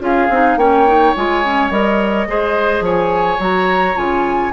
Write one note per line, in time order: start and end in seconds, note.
0.00 0.28 C#4
0.00 0.28 F4
0.00 0.58 G#4
0.00 0.58 F5
0.29 0.56 C4
0.29 0.59 D#4
0.56 1.13 A#3
0.56 0.87 C#4
0.56 2.28 C#5
0.56 1.14 G5
0.87 1.15 D#4
1.16 1.70 G#3
1.16 1.44 F4
1.16 1.71 G#5
1.44 1.71 C#4
1.70 2.27 G3
1.70 2.27 A#4
1.70 2.84 D#5
2.27 2.81 G#3
2.27 3.39 G#4
2.27 2.84 C5
2.81 3.37 F3
2.81 4.53 C#5
2.81 3.41 G#5
3.39 3.96 F#3
3.39 3.95 F#4
3.39 3.97 A#5
3.95 4.53 C#3
3.95 4.52 F4
3.95 4.53 G#5